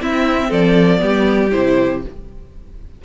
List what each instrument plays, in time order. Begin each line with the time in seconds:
0.00 viola C4, cello C4, violin E4 E5
0.49 cello F3, violin A4 D5
0.98 cello G3, viola B3, violin G4
1.51 cello C3, viola E4, violin C5